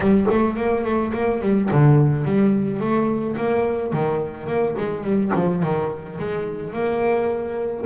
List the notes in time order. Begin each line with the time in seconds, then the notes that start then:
0.00 G3
0.30 A3
0.56 A#3
0.84 A3
1.13 A#3
1.41 G3
1.71 D3
2.24 G3
2.80 A3
3.36 A#3
3.92 D#3
4.46 A#3
4.77 G#3
5.03 G3
5.34 F3
5.63 D#3
6.18 G#3
6.73 A#3